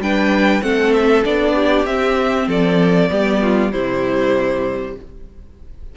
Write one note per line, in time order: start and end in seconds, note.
0.00 0.62 G3
0.00 0.62 D4
0.00 0.64 B4
0.00 0.62 G5
0.62 1.25 A3
0.62 1.24 C4
0.62 1.55 A4
0.62 0.93 F#5
0.93 1.24 E5
1.25 1.86 B3
1.25 1.87 D4
1.25 1.86 D5
1.55 2.48 G4
1.86 2.48 C4
1.86 3.10 C4
1.86 2.48 E5
2.48 3.10 F3
2.48 3.10 A4
2.48 3.72 D5
3.10 3.73 G3
3.10 3.72 B3
3.10 3.43 G4
3.43 3.73 F4
3.72 4.96 C3
3.72 4.97 G3
3.72 4.96 E4
3.72 4.96 C5